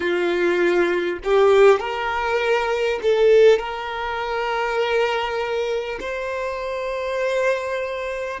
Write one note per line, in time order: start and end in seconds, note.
0.00 1.19 F4
1.23 1.79 G4
1.79 2.99 A#4
3.02 3.58 A4
3.58 5.98 A#4
6.00 8.40 C5